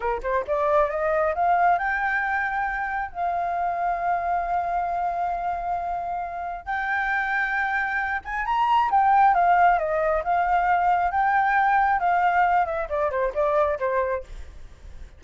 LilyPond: \new Staff \with { instrumentName = "flute" } { \time 4/4 \tempo 4 = 135 ais'8 c''8 d''4 dis''4 f''4 | g''2. f''4~ | f''1~ | f''2. g''4~ |
g''2~ g''8 gis''8 ais''4 | g''4 f''4 dis''4 f''4~ | f''4 g''2 f''4~ | f''8 e''8 d''8 c''8 d''4 c''4 | }